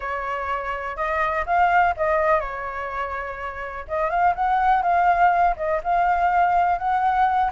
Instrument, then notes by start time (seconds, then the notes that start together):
flute
0.00 C#5
0.96 D#5
1.46 F5
1.96 D#5
2.40 C#5
3.88 D#5
4.10 F5
4.35 F#5
4.82 F5
5.56 D#5
5.83 F5
6.78 F#5